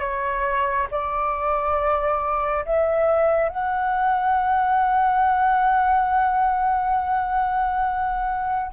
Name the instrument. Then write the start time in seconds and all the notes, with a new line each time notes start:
flute
0.00 C#5
0.91 D5
2.65 E5
3.49 F#5